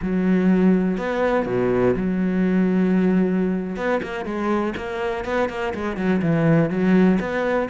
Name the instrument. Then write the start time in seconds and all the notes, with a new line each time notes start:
cello
0.02 F#3
0.97 B3
1.46 B2
1.96 F#3
3.76 B3
4.02 A#3
4.25 G#3
4.76 A#3
5.24 B3
5.49 A#3
5.74 G#3
5.96 F#3
6.22 E3
6.70 F#3
7.20 B3